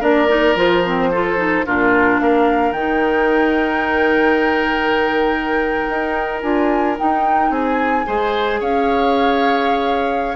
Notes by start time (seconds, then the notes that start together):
0.00 A#3 D4 A#4 D5
0.27 D#4
0.55 F3 F4 C5
0.85 C4
1.11 F4 A4
1.37 D#4
1.65 A#2 D4 F4 A#4
2.19 A#3 A#4 F5
2.71 D#3 D#4 G5
5.89 D#4
6.41 D4 F4 G#5
6.96 D#4 G5
7.50 C4 G#4 G#5
8.05 G#3 G#4 C5
8.60 C#4 C#5 F5